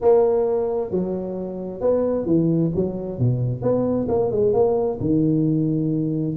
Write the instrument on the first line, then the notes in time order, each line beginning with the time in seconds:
tuba
0.01 A#3
0.90 F#3
1.80 B3
2.25 E3
2.75 F#3
3.18 B2
3.61 B3
4.08 A#3
4.31 G#3
4.53 A#3
5.00 D#3